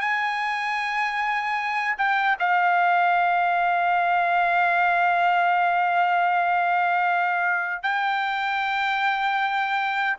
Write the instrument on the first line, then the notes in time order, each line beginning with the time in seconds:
trumpet
0.00 G#5
1.98 G5
2.39 F5
7.83 G5